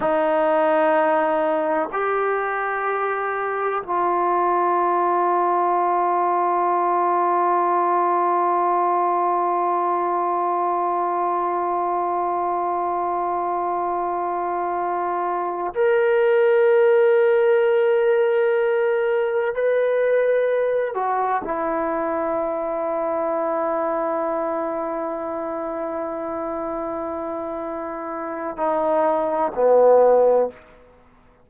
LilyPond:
\new Staff \with { instrumentName = "trombone" } { \time 4/4 \tempo 4 = 63 dis'2 g'2 | f'1~ | f'1~ | f'1~ |
f'8 ais'2.~ ais'8~ | ais'8 b'4. fis'8 e'4.~ | e'1~ | e'2 dis'4 b4 | }